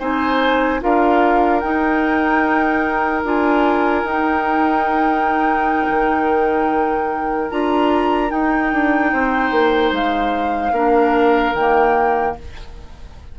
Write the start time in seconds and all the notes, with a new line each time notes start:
0.00 C4 D#4 C5 G#5
0.81 D4 F4 A#4 F5
1.60 D#4 G5
3.24 D4 F4 G#5
4.04 D#4 G5
5.89 D#3
7.51 D4 F4 A#5
8.29 D#4 G5
8.73 D4
9.13 C4 C5
9.52 A#3
9.92 G#3 F5
10.72 A#3 D4 A#4
11.54 D#3 A#3 G5